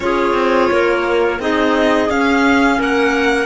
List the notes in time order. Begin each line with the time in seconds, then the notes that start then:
0.00 C#4 F4 G#4 C#5
0.33 C4
0.71 A#3 A#4
1.39 C4 D#4 G#4 D#5
2.09 C#4 F5
2.78 A#3 A#4 F#5